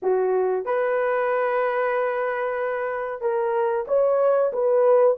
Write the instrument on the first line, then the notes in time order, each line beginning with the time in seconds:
horn
0.02 F#4
0.65 B4
3.21 A#4
3.87 C#5
4.52 B4